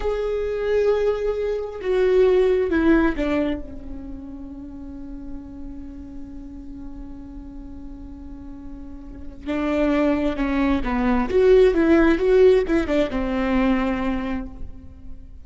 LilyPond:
\new Staff \with { instrumentName = "viola" } { \time 4/4 \tempo 4 = 133 gis'1 | fis'2 e'4 d'4 | cis'1~ | cis'1~ |
cis'1~ | cis'4 d'2 cis'4 | b4 fis'4 e'4 fis'4 | e'8 d'8 c'2. | }